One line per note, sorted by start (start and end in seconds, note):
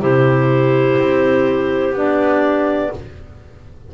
0.00 0.97 C3
0.00 1.94 E4
0.00 2.91 G4
0.00 1.94 C5
0.98 1.93 C4
1.93 2.90 B3
1.93 2.91 D4
1.93 2.94 D5